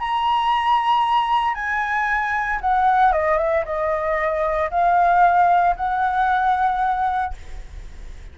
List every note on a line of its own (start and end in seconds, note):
0.00 1.54 A#5
1.54 2.60 G#5
2.61 3.13 F#5
3.13 3.38 D#5
3.38 3.64 E5
3.65 4.71 D#5
4.71 5.76 F5
5.76 7.34 F#5